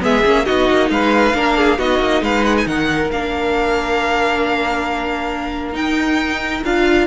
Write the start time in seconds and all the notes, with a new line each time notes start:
0.00 G#3 B3 G#4 E5
0.25 A#3 C#4
0.45 B3 D#4 F#4 D#5
0.71 A#3
0.90 G#3 B4 F5
1.34 A#3 D4 A#4
1.57 G#4
1.78 B3 D#4 F#4 D#5
1.99 A#3
2.22 G#3 B4 F5
2.44 F#5
2.58 G#5
2.66 D#3 A#4 F#5
3.11 A#3 D4 F5
5.73 D#4 G5
6.64 D4 F4 F5